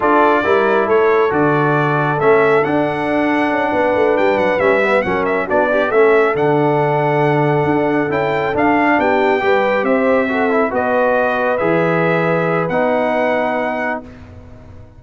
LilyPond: <<
  \new Staff \with { instrumentName = "trumpet" } { \time 4/4 \tempo 4 = 137 d''2 cis''4 d''4~ | d''4 e''4 fis''2~ | fis''4. g''8 fis''8 e''4 fis''8 | e''8 d''4 e''4 fis''4.~ |
fis''2~ fis''8 g''4 f''8~ | f''8 g''2 e''4.~ | e''8 dis''2 e''4.~ | e''4 fis''2. | }
  \new Staff \with { instrumentName = "horn" } { \time 4/4 a'4 ais'4 a'2~ | a'1~ | a'8 b'2. ais'8~ | ais'8 fis'8 d'8 a'2~ a'8~ |
a'1~ | a'8 g'4 b'4 c''4 a'8~ | a'8 b'2.~ b'8~ | b'1 | }
  \new Staff \with { instrumentName = "trombone" } { \time 4/4 f'4 e'2 fis'4~ | fis'4 cis'4 d'2~ | d'2~ d'8 cis'8 b8 cis'8~ | cis'8 d'8 g'8 cis'4 d'4.~ |
d'2~ d'8 e'4 d'8~ | d'4. g'2 fis'8 | e'8 fis'2 gis'4.~ | gis'4 dis'2. | }
  \new Staff \with { instrumentName = "tuba" } { \time 4/4 d'4 g4 a4 d4~ | d4 a4 d'2 | cis'8 b8 a8 g8 fis8 g4 fis8~ | fis8 b4 a4 d4.~ |
d4. d'4 cis'4 d'8~ | d'8 b4 g4 c'4.~ | c'8 b2 e4.~ | e4 b2. | }
>>